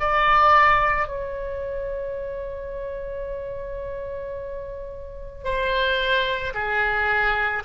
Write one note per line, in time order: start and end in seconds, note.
0.00 1.08 D5
1.08 5.44 C#5
5.44 6.54 C5
6.55 7.64 G#4